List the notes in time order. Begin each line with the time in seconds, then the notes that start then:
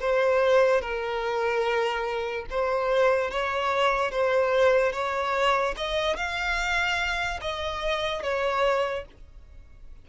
0.00 C5
0.81 A#4
2.50 C5
3.30 C#5
4.11 C5
4.92 C#5
5.76 D#5
6.16 F5
7.41 D#5
8.22 C#5